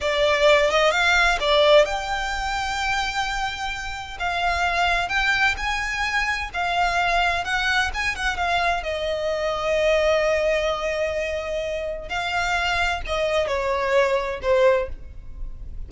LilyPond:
\new Staff \with { instrumentName = "violin" } { \time 4/4 \tempo 4 = 129 d''4. dis''8 f''4 d''4 | g''1~ | g''4 f''2 g''4 | gis''2 f''2 |
fis''4 gis''8 fis''8 f''4 dis''4~ | dis''1~ | dis''2 f''2 | dis''4 cis''2 c''4 | }